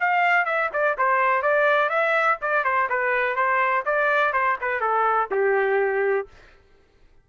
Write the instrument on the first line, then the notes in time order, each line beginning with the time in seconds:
trumpet
0.00 F5
0.45 E5
0.73 D5
0.98 C5
1.42 D5
1.89 E5
2.41 D5
2.64 C5
2.89 B4
3.36 C5
3.85 D5
4.33 C5
4.61 B4
4.80 A4
5.30 G4